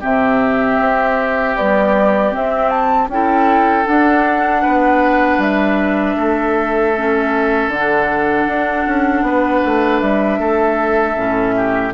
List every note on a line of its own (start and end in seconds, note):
0.00 0.79 C3
0.00 1.55 C4
0.00 3.08 G4
0.00 1.57 E5
0.79 1.56 C4
1.56 2.32 G3
1.56 2.33 B3
1.56 2.33 D5
2.32 3.09 C4
2.32 3.08 C4
2.32 2.70 E5
2.70 3.08 A5
3.08 3.85 C#4
3.08 3.85 E4
3.08 4.62 A4
3.08 3.87 G5
3.85 6.93 D4
3.85 4.65 D4
3.85 5.41 F#5
4.62 5.38 B3
4.62 6.16 B4
5.38 6.15 G3
5.38 7.72 E5
6.17 7.68 A3
6.17 9.25 A4
6.96 7.73 C#4
7.68 8.45 D3
7.68 10.00 F#5
7.75 11.16 D4
8.47 8.85 D4
8.86 9.22 C#4
9.22 9.60 B3
9.22 10.40 B4
9.65 10.02 A3
10.00 10.39 G3
10.00 11.93 E5
10.39 11.16 A3
10.39 11.55 A4
11.16 11.93 A2
11.16 11.93 C#4
11.56 11.94 G4